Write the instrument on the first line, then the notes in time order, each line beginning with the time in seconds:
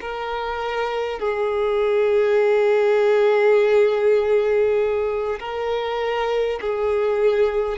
violin
0.00 A#4
1.19 G#4
5.39 A#4
6.61 G#4